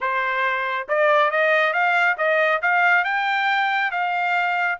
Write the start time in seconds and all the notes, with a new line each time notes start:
0.00 C5
0.88 D5
1.30 D#5
1.73 F5
2.17 D#5
2.61 F5
3.04 G5
3.91 F5